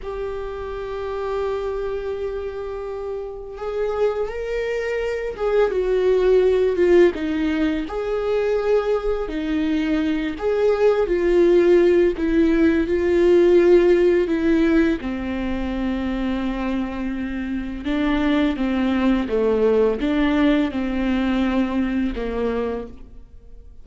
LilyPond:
\new Staff \with { instrumentName = "viola" } { \time 4/4 \tempo 4 = 84 g'1~ | g'4 gis'4 ais'4. gis'8 | fis'4. f'8 dis'4 gis'4~ | gis'4 dis'4. gis'4 f'8~ |
f'4 e'4 f'2 | e'4 c'2.~ | c'4 d'4 c'4 a4 | d'4 c'2 ais4 | }